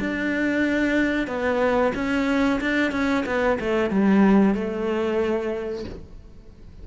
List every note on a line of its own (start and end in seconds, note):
0.00 1.28 D4
1.28 1.93 B3
1.95 2.61 C#4
2.61 2.92 D4
2.92 3.25 C#4
3.26 3.59 B3
3.60 3.91 A3
3.91 4.55 G3
4.55 5.85 A3